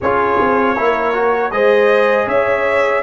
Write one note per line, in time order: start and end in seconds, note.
0.00 0.39 C#4
0.00 0.76 F4
0.00 0.76 G#4
0.00 1.51 C#5
0.40 0.77 C4
0.76 1.51 A#3
0.76 1.13 E4
0.76 1.52 A#4
1.13 1.51 F#4
1.51 2.26 G#3
1.51 3.03 G#4
1.51 2.26 C5
1.51 2.27 D#5
2.26 3.02 C#4
2.26 3.02 C#5
2.26 3.03 E5